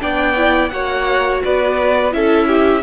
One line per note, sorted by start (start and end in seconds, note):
0.00 0.71 B3
0.00 0.35 D4
0.00 0.72 D5
0.00 0.69 G5
0.36 0.72 E4
0.69 1.42 A#3
0.69 2.11 F#4
0.69 1.43 C#5
0.69 1.40 F#5
1.44 2.14 B3
1.44 2.14 B4
1.44 2.13 D5
2.11 2.83 C#4
2.11 2.82 E4
2.11 2.48 A4
2.11 2.83 E5
2.48 2.83 G4